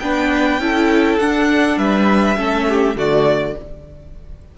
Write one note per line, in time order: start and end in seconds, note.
0.00 0.59 B3
0.00 0.61 D4
0.00 0.60 B4
0.00 1.19 G5
0.59 1.19 C#4
0.59 1.20 E4
0.59 1.78 A4
1.19 1.77 D4
1.19 2.37 D4
1.19 1.78 F#5
1.77 2.37 G3
1.77 2.38 B4
1.77 2.97 E5
2.37 2.96 A3
2.37 2.96 C#4
2.37 2.68 A4
2.69 2.98 G4
2.96 3.55 D3
2.96 3.56 A3
2.96 3.57 F#4
2.96 3.58 D5